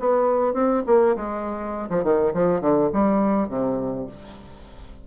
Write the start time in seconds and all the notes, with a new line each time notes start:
0.00 B3
0.54 C4
0.87 A#3
1.17 G#3
1.90 F3
2.04 D#3
2.34 F3
2.61 D3
2.93 G3
3.49 C3